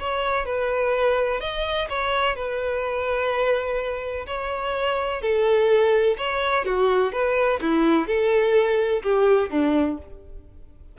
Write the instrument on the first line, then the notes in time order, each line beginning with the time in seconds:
violin
0.00 C#5
0.46 B4
1.41 D#5
1.90 C#5
2.36 B4
4.27 C#5
5.22 A4
6.18 C#5
6.66 F#4
7.13 B4
7.62 E4
8.08 A4
9.03 G4
9.50 D4